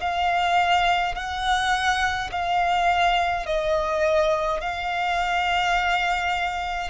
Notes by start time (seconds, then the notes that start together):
0.00 F5
1.14 F#5
2.31 F5
3.46 D#5
4.60 F5